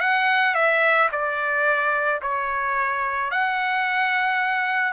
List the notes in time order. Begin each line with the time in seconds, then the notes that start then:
0.00 F#5
0.54 E5
1.11 D5
2.21 C#5
3.30 F#5